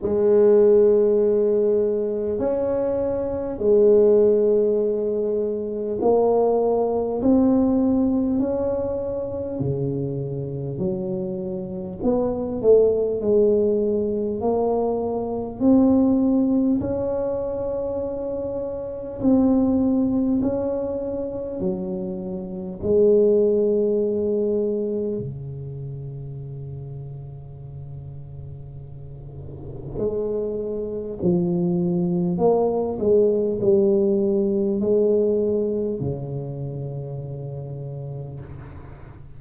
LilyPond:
\new Staff \with { instrumentName = "tuba" } { \time 4/4 \tempo 4 = 50 gis2 cis'4 gis4~ | gis4 ais4 c'4 cis'4 | cis4 fis4 b8 a8 gis4 | ais4 c'4 cis'2 |
c'4 cis'4 fis4 gis4~ | gis4 cis2.~ | cis4 gis4 f4 ais8 gis8 | g4 gis4 cis2 | }